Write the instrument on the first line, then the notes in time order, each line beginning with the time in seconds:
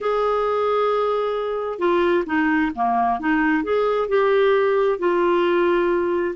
clarinet
0.01 G#4
1.78 F4
2.26 D#4
2.75 A#3
3.19 D#4
3.63 G#4
4.08 G4
4.99 F4